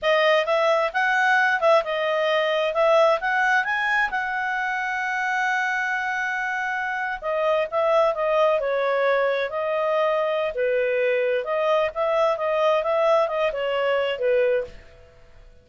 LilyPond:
\new Staff \with { instrumentName = "clarinet" } { \time 4/4 \tempo 4 = 131 dis''4 e''4 fis''4. e''8 | dis''2 e''4 fis''4 | gis''4 fis''2.~ | fis''2.~ fis''8. dis''16~ |
dis''8. e''4 dis''4 cis''4~ cis''16~ | cis''8. dis''2~ dis''16 b'4~ | b'4 dis''4 e''4 dis''4 | e''4 dis''8 cis''4. b'4 | }